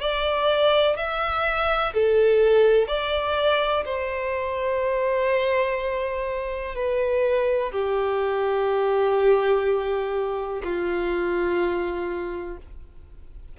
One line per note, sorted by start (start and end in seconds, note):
0.00 0.96 D5
0.96 1.93 E5
1.94 2.87 A4
2.87 3.84 D5
3.85 6.75 C5
6.75 7.72 B4
7.72 10.62 G4
10.64 12.57 F4